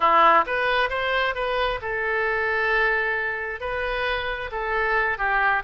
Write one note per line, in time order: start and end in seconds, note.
0.00 0.44 E4
0.46 0.89 B4
0.89 1.35 C5
1.35 1.80 B4
1.81 3.60 A4
3.60 4.50 B4
4.51 5.18 A4
5.18 5.63 G4